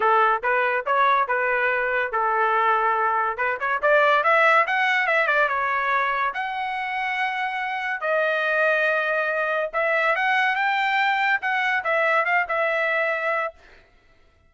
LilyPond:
\new Staff \with { instrumentName = "trumpet" } { \time 4/4 \tempo 4 = 142 a'4 b'4 cis''4 b'4~ | b'4 a'2. | b'8 cis''8 d''4 e''4 fis''4 | e''8 d''8 cis''2 fis''4~ |
fis''2. dis''4~ | dis''2. e''4 | fis''4 g''2 fis''4 | e''4 f''8 e''2~ e''8 | }